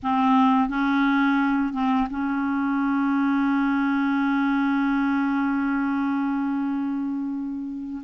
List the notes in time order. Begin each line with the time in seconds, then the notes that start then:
0.02 C4
0.68 C#4
1.73 C4
2.09 C#4